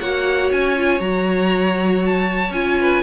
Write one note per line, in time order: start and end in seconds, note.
0.00 0.51 A#3
0.00 0.76 F#4
0.00 2.80 C#5
0.00 0.51 F#5
0.52 1.00 C#4
0.52 1.00 G#5
0.77 0.99 F4
0.99 2.50 F#3
0.99 2.51 F#4
0.99 2.02 A#5
2.06 2.53 A5
2.50 3.01 C#4
2.50 3.03 F4
2.50 3.03 G#5
2.80 3.03 B4